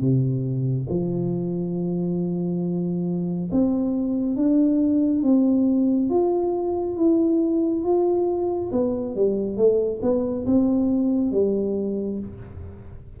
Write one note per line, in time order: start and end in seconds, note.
0.00 0.87 C3
0.89 3.49 F3
3.51 4.36 C4
4.36 5.22 D4
5.22 6.09 C4
6.09 6.96 F4
6.96 7.83 E4
7.83 8.70 F4
8.71 9.15 B3
9.15 9.56 G3
9.56 10.00 A3
10.02 10.45 B3
10.45 11.31 C4
11.31 12.18 G3